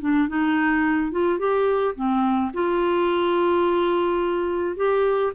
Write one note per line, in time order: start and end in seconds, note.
0.00 0.28 D4
0.28 1.11 D#4
1.11 1.39 F4
1.39 1.95 G4
1.95 2.52 C4
2.53 4.76 F4
4.76 5.32 G4